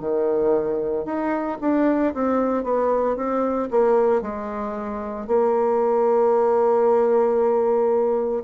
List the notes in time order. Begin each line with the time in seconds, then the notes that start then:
0.00 D#3
1.05 D#4
1.61 D4
2.14 C4
2.64 B3
3.16 C4
3.70 A#3
4.22 G#3
5.27 A#3